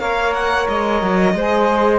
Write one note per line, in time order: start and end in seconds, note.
0.00 0.68 A#3
0.00 1.35 A#4
0.00 1.36 C#5
0.00 0.34 F5
0.34 0.68 F#5
0.69 1.02 G#3
0.69 1.99 D#5
1.02 1.35 F#3
1.35 1.99 G#3
1.35 1.99 G#4
1.35 1.99 C5